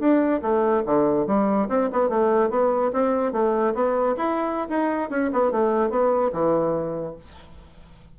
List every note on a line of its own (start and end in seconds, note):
0.00 0.41 D4
0.43 0.84 A3
0.86 1.27 D3
1.27 1.69 G3
1.69 1.90 C4
1.93 2.10 B3
2.10 2.51 A3
2.51 2.92 B3
2.93 3.33 C4
3.33 3.74 A3
3.75 4.16 B3
4.17 4.69 E4
4.70 5.10 D#4
5.10 5.31 C#4
5.33 5.52 B3
5.52 5.90 A3
5.90 6.32 B3
6.33 7.16 E3